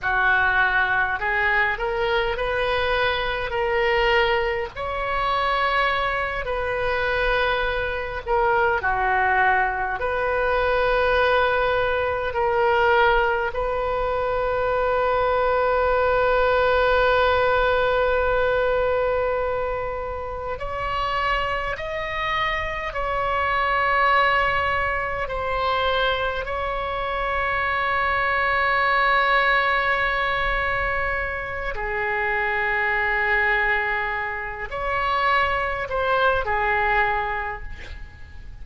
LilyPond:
\new Staff \with { instrumentName = "oboe" } { \time 4/4 \tempo 4 = 51 fis'4 gis'8 ais'8 b'4 ais'4 | cis''4. b'4. ais'8 fis'8~ | fis'8 b'2 ais'4 b'8~ | b'1~ |
b'4. cis''4 dis''4 cis''8~ | cis''4. c''4 cis''4.~ | cis''2. gis'4~ | gis'4. cis''4 c''8 gis'4 | }